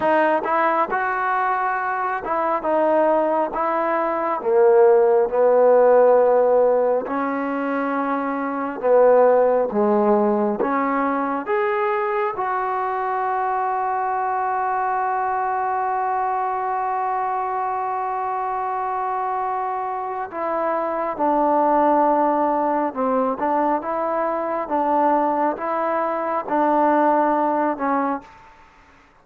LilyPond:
\new Staff \with { instrumentName = "trombone" } { \time 4/4 \tempo 4 = 68 dis'8 e'8 fis'4. e'8 dis'4 | e'4 ais4 b2 | cis'2 b4 gis4 | cis'4 gis'4 fis'2~ |
fis'1~ | fis'2. e'4 | d'2 c'8 d'8 e'4 | d'4 e'4 d'4. cis'8 | }